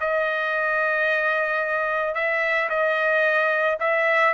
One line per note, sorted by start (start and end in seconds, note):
0.00 2.14 D#5
2.14 2.69 E5
2.69 3.78 D#5
3.80 4.34 E5